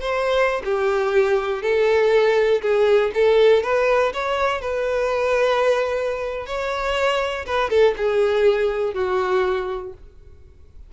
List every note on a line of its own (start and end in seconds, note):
0.00 0.62 C5
0.65 1.62 G4
1.62 2.61 A4
2.62 3.11 G#4
3.14 3.63 A4
3.63 4.12 B4
4.14 4.61 C#5
4.61 6.46 B4
6.46 7.45 C#5
7.46 7.70 B4
7.70 7.95 A4
7.97 8.94 G#4
8.94 9.93 F#4